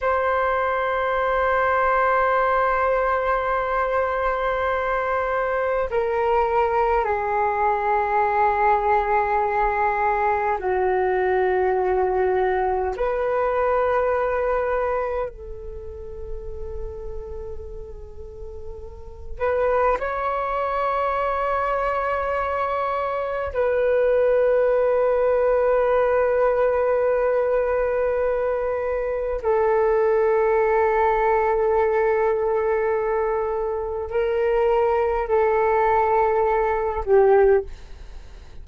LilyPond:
\new Staff \with { instrumentName = "flute" } { \time 4/4 \tempo 4 = 51 c''1~ | c''4 ais'4 gis'2~ | gis'4 fis'2 b'4~ | b'4 a'2.~ |
a'8 b'8 cis''2. | b'1~ | b'4 a'2.~ | a'4 ais'4 a'4. g'8 | }